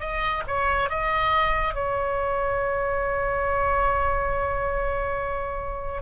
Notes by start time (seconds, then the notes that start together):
0.00 D#5
0.47 C#5
0.90 D#5
1.75 C#5